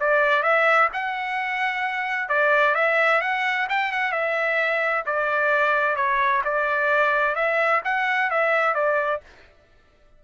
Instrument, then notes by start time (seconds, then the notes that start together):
trumpet
0.00 D5
0.43 E5
0.93 F#5
2.29 D5
2.75 E5
3.21 F#5
3.69 G5
3.92 F#5
4.12 E5
5.06 D5
5.96 C#5
6.44 D5
7.35 E5
7.84 F#5
8.30 E5
8.75 D5